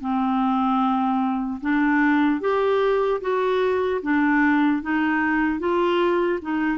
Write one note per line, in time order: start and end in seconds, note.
0.00 1.60 C4
1.61 2.40 D4
2.40 3.20 G4
3.21 4.01 F#4
4.02 4.82 D4
4.82 5.59 D#4
5.59 6.39 F4
6.41 6.78 D#4